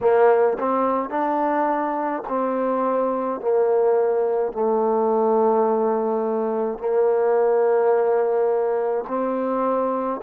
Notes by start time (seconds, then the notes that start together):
0.01 A#3
0.58 C4
1.09 D4
2.28 C4
3.41 A#3
4.52 A3
6.78 A#3
9.07 C4